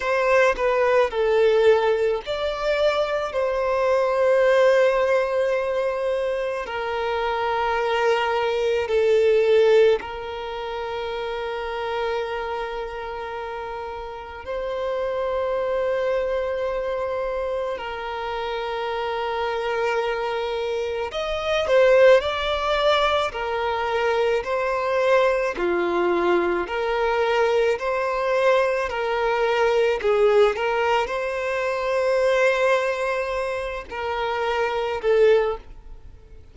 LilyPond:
\new Staff \with { instrumentName = "violin" } { \time 4/4 \tempo 4 = 54 c''8 b'8 a'4 d''4 c''4~ | c''2 ais'2 | a'4 ais'2.~ | ais'4 c''2. |
ais'2. dis''8 c''8 | d''4 ais'4 c''4 f'4 | ais'4 c''4 ais'4 gis'8 ais'8 | c''2~ c''8 ais'4 a'8 | }